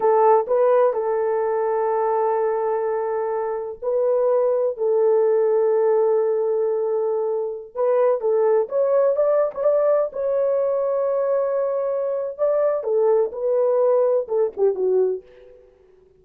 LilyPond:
\new Staff \with { instrumentName = "horn" } { \time 4/4 \tempo 4 = 126 a'4 b'4 a'2~ | a'1 | b'2 a'2~ | a'1~ |
a'16 b'4 a'4 cis''4 d''8. | cis''16 d''4 cis''2~ cis''8.~ | cis''2 d''4 a'4 | b'2 a'8 g'8 fis'4 | }